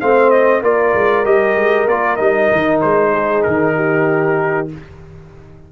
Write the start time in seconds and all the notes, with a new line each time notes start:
0.00 A3 C4 C5 F5
0.30 D#5
0.62 A#3 F4 A#4 D5
0.93 G#3
1.24 G3 G4 D#5
1.55 G#3
1.86 A#3 F4 D5
2.16 G3 D#4 D#5
2.52 D#3
2.81 G#3 C5
3.11 G#4
3.42 D#3 A#4
3.75 G4